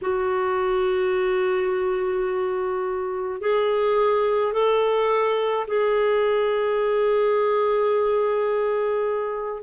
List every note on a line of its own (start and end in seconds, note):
0.01 3.40 F#4
3.40 4.53 G#4
4.53 5.66 A4
5.67 9.62 G#4